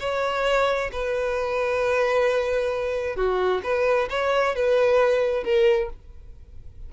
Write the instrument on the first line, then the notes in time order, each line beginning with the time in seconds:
violin
0.00 C#5
0.92 B4
3.16 F#4
3.63 B4
4.10 C#5
4.56 B4
5.44 A#4